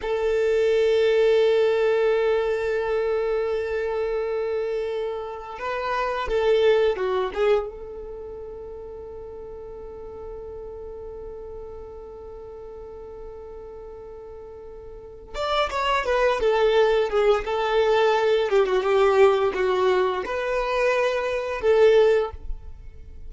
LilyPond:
\new Staff \with { instrumentName = "violin" } { \time 4/4 \tempo 4 = 86 a'1~ | a'1 | b'4 a'4 fis'8 gis'8 a'4~ | a'1~ |
a'1~ | a'2 d''8 cis''8 b'8 a'8~ | a'8 gis'8 a'4. g'16 fis'16 g'4 | fis'4 b'2 a'4 | }